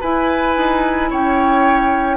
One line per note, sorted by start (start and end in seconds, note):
0.00 2.17 E4
0.00 0.57 E4
0.00 1.09 B4
0.00 1.10 G#5
0.57 1.11 D#4
1.10 2.17 C#4
1.10 2.17 C#5
1.10 2.17 G5